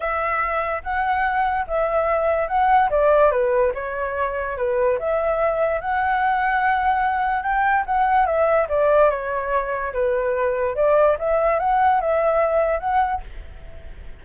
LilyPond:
\new Staff \with { instrumentName = "flute" } { \time 4/4 \tempo 4 = 145 e''2 fis''2 | e''2 fis''4 d''4 | b'4 cis''2 b'4 | e''2 fis''2~ |
fis''2 g''4 fis''4 | e''4 d''4 cis''2 | b'2 d''4 e''4 | fis''4 e''2 fis''4 | }